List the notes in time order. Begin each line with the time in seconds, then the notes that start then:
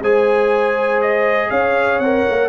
0.00 G#3 G#4 C5 G#5
1.01 D#5
1.50 C#4 C#5 F5
1.99 C4 A#4 F#5
2.29 A#3